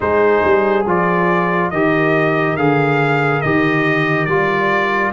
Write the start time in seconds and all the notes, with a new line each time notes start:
0.00 G#3 D#4 G#4 C5
0.44 G3
0.86 F3 F4 D5
1.70 D#3 G4 A#4 D#5
2.56 D3 G#4 F5
3.41 D#3 G4 D#5
4.25 G3 F4 D5